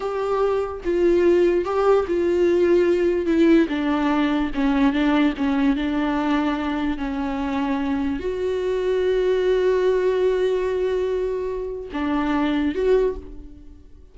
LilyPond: \new Staff \with { instrumentName = "viola" } { \time 4/4 \tempo 4 = 146 g'2 f'2 | g'4 f'2. | e'4 d'2 cis'4 | d'4 cis'4 d'2~ |
d'4 cis'2. | fis'1~ | fis'1~ | fis'4 d'2 fis'4 | }